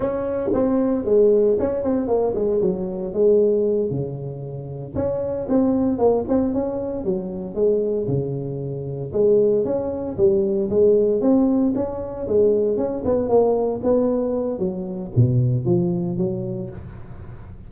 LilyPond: \new Staff \with { instrumentName = "tuba" } { \time 4/4 \tempo 4 = 115 cis'4 c'4 gis4 cis'8 c'8 | ais8 gis8 fis4 gis4. cis8~ | cis4. cis'4 c'4 ais8 | c'8 cis'4 fis4 gis4 cis8~ |
cis4. gis4 cis'4 g8~ | g8 gis4 c'4 cis'4 gis8~ | gis8 cis'8 b8 ais4 b4. | fis4 b,4 f4 fis4 | }